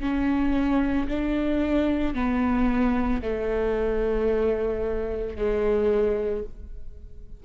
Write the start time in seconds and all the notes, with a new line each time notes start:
0.00 C#4
1.08 D4
2.14 B3
3.22 A3
5.36 G#3